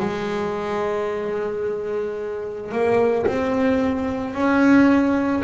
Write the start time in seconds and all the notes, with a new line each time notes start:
0.00 G#3
2.72 A#3
3.27 C4
4.34 C#4